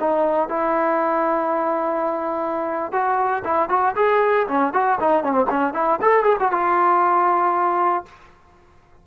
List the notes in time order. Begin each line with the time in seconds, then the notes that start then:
0.00 D#4
0.49 E4
2.92 F#4
3.45 E4
3.69 F#4
3.96 G#4
4.48 C#4
4.73 F#4
5.00 D#4
5.24 C#4
5.33 C4
5.50 C#4
5.74 E4
6.02 A4
6.24 G#4
6.40 F#4
6.52 F4